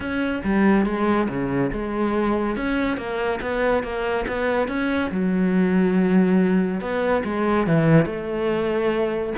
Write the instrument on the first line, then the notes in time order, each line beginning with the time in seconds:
cello
0.00 C#4
0.44 G3
0.85 G#3
1.28 C#3
1.72 G#3
2.56 C#4
2.97 A#3
3.41 B3
3.83 A#3
4.27 B3
4.68 C#4
5.10 F#3
6.80 B3
7.24 G#3
7.66 E3
8.05 A3